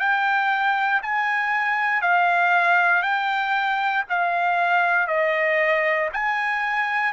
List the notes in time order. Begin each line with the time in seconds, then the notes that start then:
0.00 G5
1.03 G#5
2.02 F5
3.03 G5
4.10 F5
5.08 D#5
6.13 G#5